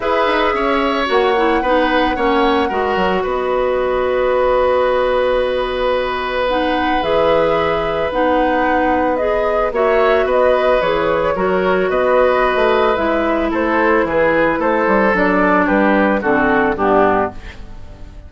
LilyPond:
<<
  \new Staff \with { instrumentName = "flute" } { \time 4/4 \tempo 4 = 111 e''2 fis''2~ | fis''2 dis''2~ | dis''1 | fis''4 e''2 fis''4~ |
fis''4 dis''4 e''4 dis''4 | cis''2 dis''2 | e''4 c''4 b'4 c''4 | d''4 b'4 a'4 g'4 | }
  \new Staff \with { instrumentName = "oboe" } { \time 4/4 b'4 cis''2 b'4 | cis''4 ais'4 b'2~ | b'1~ | b'1~ |
b'2 cis''4 b'4~ | b'4 ais'4 b'2~ | b'4 a'4 gis'4 a'4~ | a'4 g'4 fis'4 d'4 | }
  \new Staff \with { instrumentName = "clarinet" } { \time 4/4 gis'2 fis'8 e'8 dis'4 | cis'4 fis'2.~ | fis'1 | dis'4 gis'2 dis'4~ |
dis'4 gis'4 fis'2 | gis'4 fis'2. | e'1 | d'2 c'4 b4 | }
  \new Staff \with { instrumentName = "bassoon" } { \time 4/4 e'8 dis'8 cis'4 ais4 b4 | ais4 gis8 fis8 b2~ | b1~ | b4 e2 b4~ |
b2 ais4 b4 | e4 fis4 b4~ b16 a8. | gis4 a4 e4 a8 g8 | fis4 g4 d4 g,4 | }
>>